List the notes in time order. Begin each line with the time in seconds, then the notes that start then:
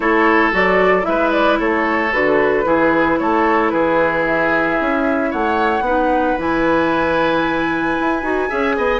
0.00 A3 E4 A4 C#5
0.52 F#3 F#4 D5
1.02 G#3 E4 E5
1.08 B4
1.31 D5
1.59 A3 A4 C#5
2.12 D3 F#4 B4
2.64 E3 E4 G#4
3.18 A3 A4 C#5
3.69 E3 G#4 B4
4.25 E5
4.80 C#4
5.30 A3 C#5 F#5
5.80 B3 D#4 B4
6.38 E3 E4 G#5
8.00 E4
8.22 D#4 F#4
8.48 C#4 G#4 E5
8.77 B3 D#5